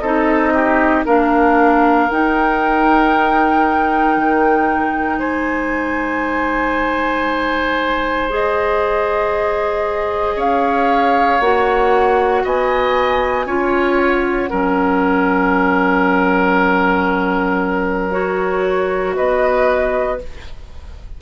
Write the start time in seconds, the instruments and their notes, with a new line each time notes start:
0.00 bassoon C4, clarinet D#4, oboe A4, flute D#5
0.53 oboe G4
1.05 bassoon A#3, clarinet D4, oboe A#4, flute F5
2.10 clarinet D#4, bassoon D#4, flute G5
4.17 bassoon D#3
5.19 bassoon G#3, oboe C5, flute G#5
8.30 clarinet G#4, flute D#5
10.36 bassoon C#4, oboe C#5, flute F5
11.40 bassoon A#3, clarinet F#4, flute F#5
12.43 bassoon B3, oboe D#5, flute G#5
13.46 bassoon C#4, clarinet F4, oboe C#5
13.99 flute F#5
14.50 bassoon F#3, clarinet C#4, oboe A#4
18.11 clarinet F#4, flute C#5
19.16 bassoon B3, oboe B4, flute D#5